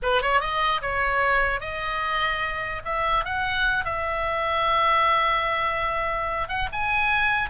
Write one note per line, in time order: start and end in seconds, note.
0.02 0.22 B4
0.22 0.40 C#5
0.40 0.81 D#5
0.81 1.60 C#5
1.60 2.82 D#5
2.84 3.24 E5
3.24 3.84 F#5
3.84 6.48 E5
6.48 6.68 F#5
6.72 7.49 G#5